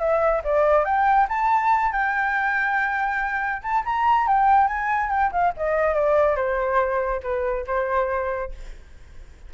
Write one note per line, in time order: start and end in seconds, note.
0.00 0.43 E5
0.45 0.85 D5
0.85 1.28 G5
1.29 1.92 A5
1.92 3.62 G5
3.63 3.84 A5
3.86 4.28 A#5
4.28 4.68 G5
4.68 5.10 G#5
5.10 5.32 G5
5.32 5.54 F5
5.57 5.95 D#5
5.95 6.36 D5
6.36 7.21 C5
7.23 7.66 B4
7.67 8.52 C5